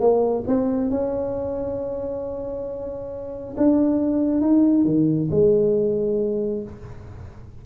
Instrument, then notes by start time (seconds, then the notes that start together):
tuba
0.00 A#3
0.47 C4
0.91 C#4
3.57 D4
4.41 D#4
4.85 D#3
5.31 G#3